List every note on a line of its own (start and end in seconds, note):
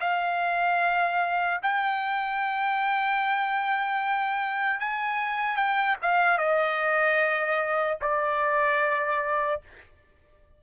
0.00 1.60 F5
1.62 4.80 G5
4.80 5.56 G#5
5.56 5.96 G5
6.02 6.38 F5
6.38 7.98 D#5
8.01 9.61 D5